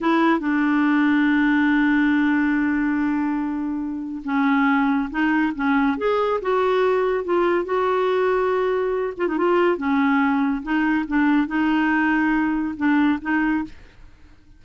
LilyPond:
\new Staff \with { instrumentName = "clarinet" } { \time 4/4 \tempo 4 = 141 e'4 d'2.~ | d'1~ | d'2 cis'2 | dis'4 cis'4 gis'4 fis'4~ |
fis'4 f'4 fis'2~ | fis'4. f'16 dis'16 f'4 cis'4~ | cis'4 dis'4 d'4 dis'4~ | dis'2 d'4 dis'4 | }